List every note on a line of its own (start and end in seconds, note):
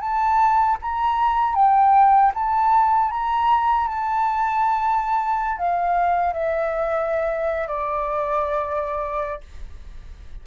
0.00 0.77 A5
0.81 1.55 A#5
1.55 2.32 G5
2.34 3.10 A5
3.10 3.87 A#5
3.87 5.58 A5
5.58 6.33 F5
6.33 7.67 E5
7.67 9.41 D5